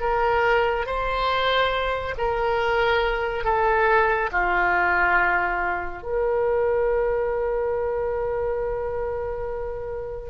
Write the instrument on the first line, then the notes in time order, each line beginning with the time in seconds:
oboe
0.00 A#4
0.86 C5
2.18 A#4
3.44 A4
4.32 F4
6.02 A#4